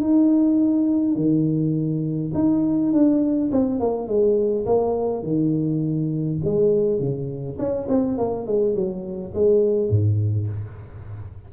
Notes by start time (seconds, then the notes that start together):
0.00 D#4
1.15 D#3
2.34 D#4
2.92 D4
3.51 C4
3.79 A#3
4.07 G#3
4.65 A#3
5.23 D#3
6.44 G#3
6.99 C#3
7.58 C#4
7.88 C4
8.17 A#3
8.46 G#3
8.74 F#3
9.34 G#3
9.89 G#2